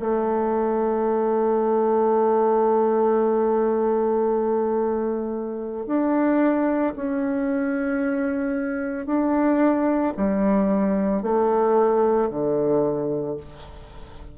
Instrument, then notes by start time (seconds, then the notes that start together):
bassoon
0.00 A3
5.87 D4
6.96 C#4
9.06 D4
10.17 G3
11.23 A3
12.30 D3